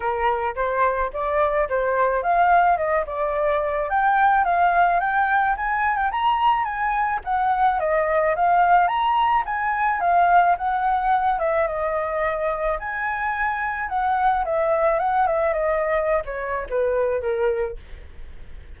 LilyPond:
\new Staff \with { instrumentName = "flute" } { \time 4/4 \tempo 4 = 108 ais'4 c''4 d''4 c''4 | f''4 dis''8 d''4. g''4 | f''4 g''4 gis''8. g''16 ais''4 | gis''4 fis''4 dis''4 f''4 |
ais''4 gis''4 f''4 fis''4~ | fis''8 e''8 dis''2 gis''4~ | gis''4 fis''4 e''4 fis''8 e''8 | dis''4~ dis''16 cis''8. b'4 ais'4 | }